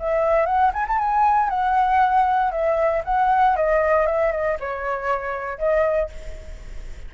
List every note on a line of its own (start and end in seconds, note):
0.00 0.46 E5
0.46 0.72 F#5
0.74 0.87 G#5
0.88 0.99 A5
0.99 1.50 G#5
1.50 2.52 F#5
2.52 3.03 E5
3.05 3.56 F#5
3.57 4.07 D#5
4.07 4.32 E5
4.32 4.58 D#5
4.60 5.59 C#5
5.59 6.10 D#5